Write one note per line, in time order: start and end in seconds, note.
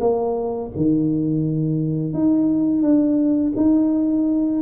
0.00 0.71 A#3
0.76 2.13 D#3
2.13 2.82 D#4
2.82 3.53 D4
3.56 4.62 D#4